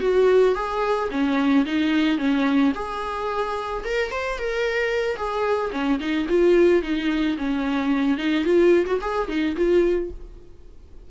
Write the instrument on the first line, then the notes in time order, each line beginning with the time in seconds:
viola
0.00 F#4
0.55 G#4
1.10 C#4
1.65 D#4
2.18 C#4
2.74 G#4
3.84 A#4
4.11 C5
4.38 A#4
5.16 G#4
5.71 C#4
5.99 D#4
6.29 F4
6.82 D#4
7.37 C#4
8.17 D#4
8.44 F4
8.86 F#4
9.01 G#4
9.28 D#4
9.56 F4